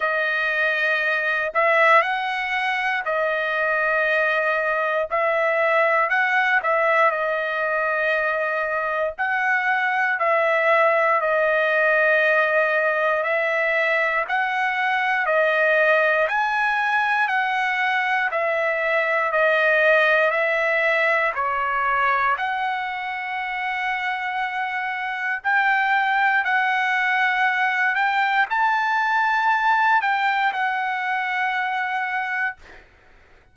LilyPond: \new Staff \with { instrumentName = "trumpet" } { \time 4/4 \tempo 4 = 59 dis''4. e''8 fis''4 dis''4~ | dis''4 e''4 fis''8 e''8 dis''4~ | dis''4 fis''4 e''4 dis''4~ | dis''4 e''4 fis''4 dis''4 |
gis''4 fis''4 e''4 dis''4 | e''4 cis''4 fis''2~ | fis''4 g''4 fis''4. g''8 | a''4. g''8 fis''2 | }